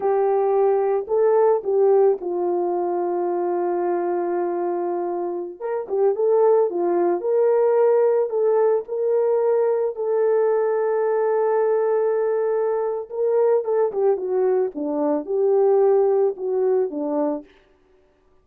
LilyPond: \new Staff \with { instrumentName = "horn" } { \time 4/4 \tempo 4 = 110 g'2 a'4 g'4 | f'1~ | f'2~ f'16 ais'8 g'8 a'8.~ | a'16 f'4 ais'2 a'8.~ |
a'16 ais'2 a'4.~ a'16~ | a'1 | ais'4 a'8 g'8 fis'4 d'4 | g'2 fis'4 d'4 | }